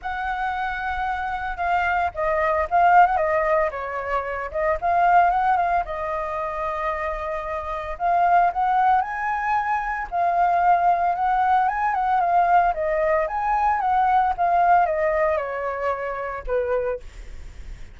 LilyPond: \new Staff \with { instrumentName = "flute" } { \time 4/4 \tempo 4 = 113 fis''2. f''4 | dis''4 f''8. fis''16 dis''4 cis''4~ | cis''8 dis''8 f''4 fis''8 f''8 dis''4~ | dis''2. f''4 |
fis''4 gis''2 f''4~ | f''4 fis''4 gis''8 fis''8 f''4 | dis''4 gis''4 fis''4 f''4 | dis''4 cis''2 b'4 | }